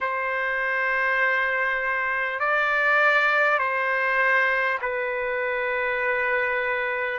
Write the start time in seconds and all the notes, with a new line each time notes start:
0.01 C5
2.39 D5
3.58 C5
4.81 B4